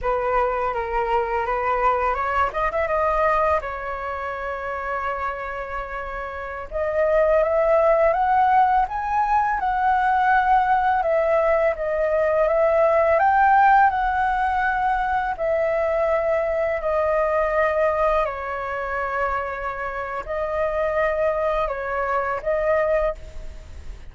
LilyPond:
\new Staff \with { instrumentName = "flute" } { \time 4/4 \tempo 4 = 83 b'4 ais'4 b'4 cis''8 dis''16 e''16 | dis''4 cis''2.~ | cis''4~ cis''16 dis''4 e''4 fis''8.~ | fis''16 gis''4 fis''2 e''8.~ |
e''16 dis''4 e''4 g''4 fis''8.~ | fis''4~ fis''16 e''2 dis''8.~ | dis''4~ dis''16 cis''2~ cis''8. | dis''2 cis''4 dis''4 | }